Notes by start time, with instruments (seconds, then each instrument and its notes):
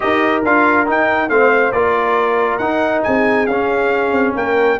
0.00 tuba D#4, trombone G4, horn A#4, trumpet D#5
0.44 tuba D4, trombone F4, trumpet F5
0.86 trombone D#4, tuba D#4, trumpet G5
1.29 tuba A3, trombone C4, horn C5, trumpet F5
1.71 tuba A#3, trombone F4, horn A#4, trumpet D5
2.57 tuba D#4, trombone D#4, trumpet F#5
3.03 tuba C4, horn G#4, trumpet G#5
3.46 tuba C#4, trombone C#4, trumpet F5
4.11 tuba C4
4.35 tuba A#3, horn A#4, trumpet G5